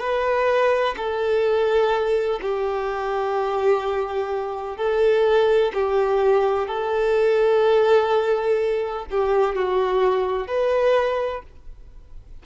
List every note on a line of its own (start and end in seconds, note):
0.00 0.95 B4
0.97 2.40 A4
2.42 4.77 G4
4.77 5.73 A4
5.74 6.68 G4
6.68 9.06 A4
9.11 9.56 G4
9.56 10.48 F#4
10.48 11.43 B4